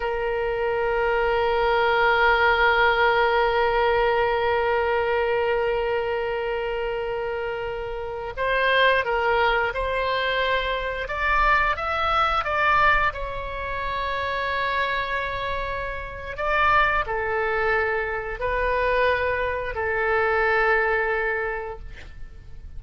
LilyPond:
\new Staff \with { instrumentName = "oboe" } { \time 4/4 \tempo 4 = 88 ais'1~ | ais'1~ | ais'1~ | ais'16 c''4 ais'4 c''4.~ c''16~ |
c''16 d''4 e''4 d''4 cis''8.~ | cis''1 | d''4 a'2 b'4~ | b'4 a'2. | }